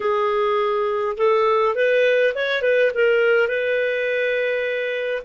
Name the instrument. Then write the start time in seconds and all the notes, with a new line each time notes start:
clarinet
0.00 G#4
1.17 A4
1.75 B4
2.34 C#5
2.62 B4
2.94 A#4
3.48 B4